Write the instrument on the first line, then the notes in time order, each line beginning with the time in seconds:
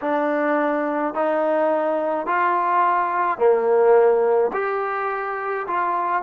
trombone
0.01 D4
1.14 D#4
2.26 F4
3.38 A#3
4.53 G4
5.67 F4